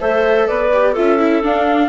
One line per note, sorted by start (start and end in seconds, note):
0.00 0.48 A3
0.00 0.71 A4
0.00 0.47 C5
0.00 0.47 E5
0.47 0.96 B3
0.47 0.92 B4
0.47 0.95 D5
0.72 0.96 G4
0.92 1.42 C#4
0.92 1.18 F4
0.92 1.87 A4
0.92 1.43 E5
1.18 1.42 E4
1.42 1.88 D4
1.42 1.88 F5